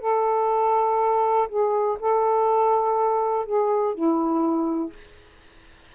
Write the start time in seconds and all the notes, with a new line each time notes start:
0.00 A4
1.48 G#4
1.99 A4
3.46 G#4
3.94 E4